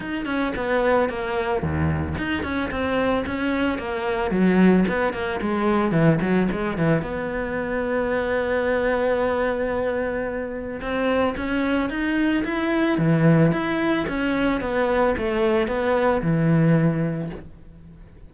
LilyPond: \new Staff \with { instrumentName = "cello" } { \time 4/4 \tempo 4 = 111 dis'8 cis'8 b4 ais4 dis,4 | dis'8 cis'8 c'4 cis'4 ais4 | fis4 b8 ais8 gis4 e8 fis8 | gis8 e8 b2.~ |
b1 | c'4 cis'4 dis'4 e'4 | e4 e'4 cis'4 b4 | a4 b4 e2 | }